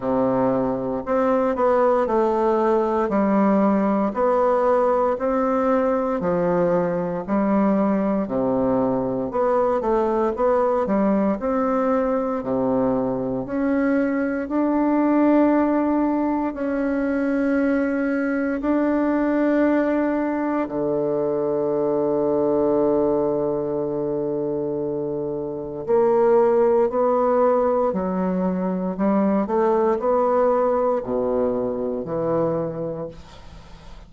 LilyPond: \new Staff \with { instrumentName = "bassoon" } { \time 4/4 \tempo 4 = 58 c4 c'8 b8 a4 g4 | b4 c'4 f4 g4 | c4 b8 a8 b8 g8 c'4 | c4 cis'4 d'2 |
cis'2 d'2 | d1~ | d4 ais4 b4 fis4 | g8 a8 b4 b,4 e4 | }